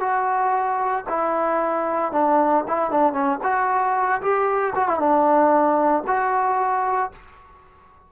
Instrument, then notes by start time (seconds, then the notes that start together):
trombone
0.00 F#4
1.09 E4
2.12 D4
2.67 E4
2.91 D4
3.13 C#4
3.43 F#4
4.21 G4
4.75 F#4
4.88 E4
4.99 D4
6.07 F#4